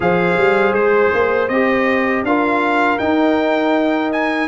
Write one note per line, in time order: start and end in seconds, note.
0.00 0.37 F3
0.00 1.49 G#4
0.00 2.26 C5
0.00 0.74 F5
0.37 0.73 G3
0.73 1.10 G#3
0.73 1.48 C5
1.13 1.49 A#3
1.48 2.23 C4
1.48 2.26 G4
1.48 2.23 D#5
2.23 2.98 D4
2.23 2.99 F4
2.23 4.48 A#4
2.23 2.98 F5
2.98 4.48 D#4
2.98 4.11 G5
4.12 4.48 G#5